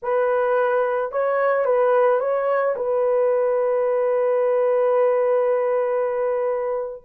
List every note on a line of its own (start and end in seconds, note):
0.02 1.11 B4
1.11 1.65 C#5
1.65 2.20 B4
2.20 2.75 C#5
2.75 7.02 B4